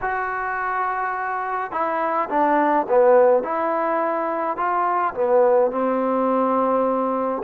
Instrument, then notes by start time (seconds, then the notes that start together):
trombone
0.01 F#4
1.71 E4
2.29 D4
2.89 B3
3.43 E4
4.56 F4
5.14 B3
5.71 C4